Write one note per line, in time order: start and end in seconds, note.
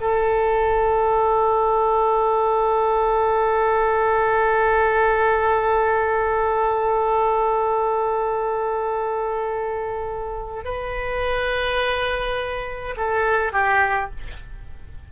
0.00 10.64 A4
10.64 12.95 B4
12.97 13.52 A4
13.52 14.10 G4